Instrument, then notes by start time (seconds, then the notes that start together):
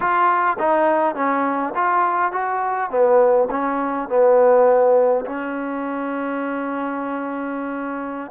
trombone
0.00 F4
0.58 D#4
1.15 C#4
1.74 F4
2.32 F#4
2.90 B3
3.50 C#4
4.09 B3
5.25 C#4